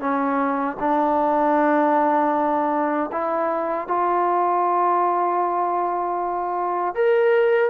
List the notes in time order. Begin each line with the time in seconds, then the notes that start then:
0.00 C#4
0.80 D4
3.12 E4
3.88 F4
6.95 A#4